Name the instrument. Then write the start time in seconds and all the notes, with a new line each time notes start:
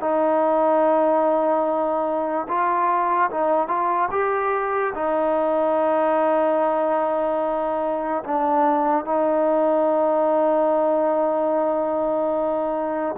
trombone
0.00 D#4
2.48 F4
3.31 D#4
3.68 F4
4.11 G4
4.94 D#4
8.23 D4
9.04 D#4